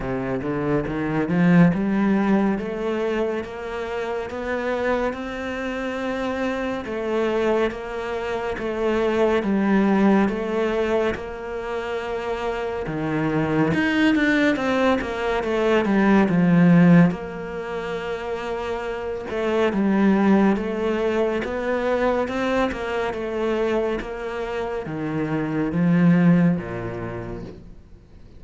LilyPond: \new Staff \with { instrumentName = "cello" } { \time 4/4 \tempo 4 = 70 c8 d8 dis8 f8 g4 a4 | ais4 b4 c'2 | a4 ais4 a4 g4 | a4 ais2 dis4 |
dis'8 d'8 c'8 ais8 a8 g8 f4 | ais2~ ais8 a8 g4 | a4 b4 c'8 ais8 a4 | ais4 dis4 f4 ais,4 | }